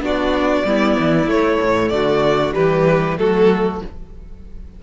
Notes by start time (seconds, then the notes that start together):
0.00 B3 D4 F#4 D5
0.65 G3 B3 E4
0.99 E3
1.27 A3 C#5
1.61 A2
1.89 D3 F#4 D5
2.54 E3 G3 G4 B4
3.18 F#3 A3 F#4 A4